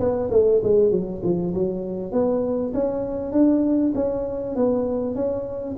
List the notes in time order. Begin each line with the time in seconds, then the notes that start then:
0.00 B3
0.31 A3
0.64 G#3
0.92 F#3
1.24 F3
1.55 F#3
2.12 B3
2.74 C#4
3.32 D4
3.95 C#4
4.56 B3
5.15 C#4